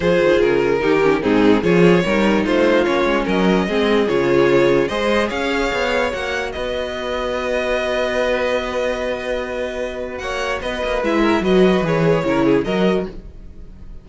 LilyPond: <<
  \new Staff \with { instrumentName = "violin" } { \time 4/4 \tempo 4 = 147 c''4 ais'2 gis'4 | cis''2 c''4 cis''4 | dis''2 cis''2 | dis''4 f''2 fis''4 |
dis''1~ | dis''1~ | dis''4 fis''4 dis''4 e''4 | dis''4 cis''2 dis''4 | }
  \new Staff \with { instrumentName = "violin" } { \time 4/4 gis'2 g'4 dis'4 | gis'4 ais'4 f'2 | ais'4 gis'2. | c''4 cis''2. |
b'1~ | b'1~ | b'4 cis''4 b'4. ais'8 | b'2 ais'8 gis'8 ais'4 | }
  \new Staff \with { instrumentName = "viola" } { \time 4/4 f'2 dis'8 cis'8 c'4 | f'4 dis'2 cis'4~ | cis'4 c'4 f'2 | gis'2. fis'4~ |
fis'1~ | fis'1~ | fis'2. e'4 | fis'4 gis'4 e'4 fis'4 | }
  \new Staff \with { instrumentName = "cello" } { \time 4/4 f8 dis8 cis4 dis4 gis,4 | f4 g4 a4 ais8 gis8 | fis4 gis4 cis2 | gis4 cis'4 b4 ais4 |
b1~ | b1~ | b4 ais4 b8 ais8 gis4 | fis4 e4 cis4 fis4 | }
>>